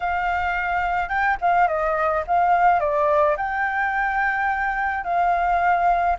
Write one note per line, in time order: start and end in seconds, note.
0.00 1.08 F5
1.08 1.36 G5
1.41 1.67 F5
1.67 2.23 D#5
2.27 2.80 F5
2.80 3.36 D5
3.36 5.04 G5
5.04 6.16 F5